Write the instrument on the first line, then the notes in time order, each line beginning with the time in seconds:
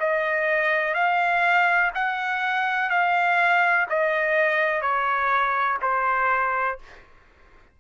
trumpet
0.00 D#5
0.95 F5
1.95 F#5
2.90 F5
3.90 D#5
4.82 C#5
5.82 C5